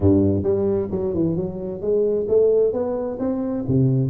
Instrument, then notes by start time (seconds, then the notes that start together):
tuba
0.00 G2
0.43 G3
0.91 F#3
1.14 E3
1.36 F#3
1.81 G#3
2.28 A3
2.73 B3
3.19 C4
3.67 C3